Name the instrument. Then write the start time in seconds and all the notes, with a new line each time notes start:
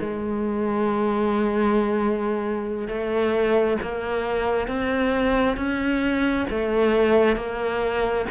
cello
0.00 G#3
2.88 A3
3.82 A#3
4.67 C4
5.57 C#4
6.50 A3
7.36 A#3